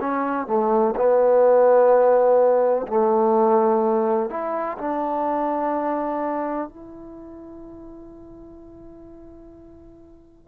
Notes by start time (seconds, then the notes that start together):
0.00 C#4
0.47 A3
0.96 B3
2.87 A3
4.29 E4
4.78 D4
6.68 E4